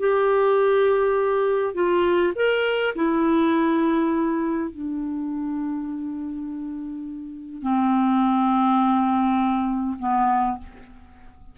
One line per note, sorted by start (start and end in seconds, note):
0.00 1.75 G4
1.75 2.33 F4
2.36 2.95 A#4
2.96 4.71 E4
4.71 7.63 D4
7.63 9.98 C4
9.99 10.58 B3